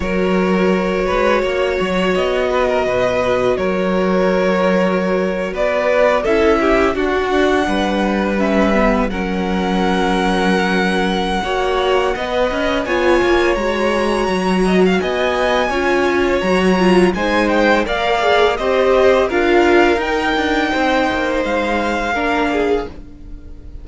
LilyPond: <<
  \new Staff \with { instrumentName = "violin" } { \time 4/4 \tempo 4 = 84 cis''2. dis''4~ | dis''4 cis''2~ cis''8. d''16~ | d''8. e''4 fis''2 e''16~ | e''8. fis''2.~ fis''16~ |
fis''2 gis''4 ais''4~ | ais''4 gis''2 ais''4 | gis''8 g''8 f''4 dis''4 f''4 | g''2 f''2 | }
  \new Staff \with { instrumentName = "violin" } { \time 4/4 ais'4. b'8 cis''4. b'16 ais'16 | b'4 ais'2~ ais'8. b'16~ | b'8. a'8 g'8 fis'4 b'4~ b'16~ | b'8. ais'2.~ ais'16 |
cis''4 dis''4 cis''2~ | cis''8 dis''16 f''16 dis''4 cis''2 | c''4 d''4 c''4 ais'4~ | ais'4 c''2 ais'8 gis'8 | }
  \new Staff \with { instrumentName = "viola" } { \time 4/4 fis'1~ | fis'1~ | fis'8. e'4 d'2 cis'16~ | cis'16 b8 cis'2.~ cis'16 |
fis'4 b'4 f'4 fis'4~ | fis'2 f'4 fis'8 f'8 | dis'4 ais'8 gis'8 g'4 f'4 | dis'2. d'4 | }
  \new Staff \with { instrumentName = "cello" } { \time 4/4 fis4. gis8 ais8 fis8 b4 | b,4 fis2~ fis8. b16~ | b8. cis'4 d'4 g4~ g16~ | g8. fis2.~ fis16 |
ais4 b8 cis'8 b8 ais8 gis4 | fis4 b4 cis'4 fis4 | gis4 ais4 c'4 d'4 | dis'8 d'8 c'8 ais8 gis4 ais4 | }
>>